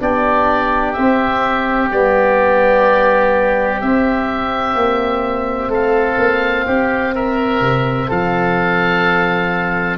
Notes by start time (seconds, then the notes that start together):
0.00 B3 D4 G4 D5
0.93 C4 E5
1.91 G3 B3 D5
3.81 C4 E5
4.75 A#3
5.69 A3 A4 F5
6.18 A#3
6.66 C4 G4
7.15 A#4 E5
7.61 C3
8.09 F3 A4 F5